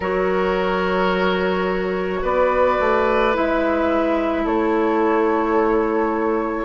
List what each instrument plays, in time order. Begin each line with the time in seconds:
0.00 bassoon F#3, clarinet F#4, oboe A#4, flute C#5
2.22 bassoon B3, oboe B4, flute D5
2.79 bassoon A3
3.33 bassoon G#3, clarinet E4, flute E5
4.43 bassoon A3, oboe A4, flute C#5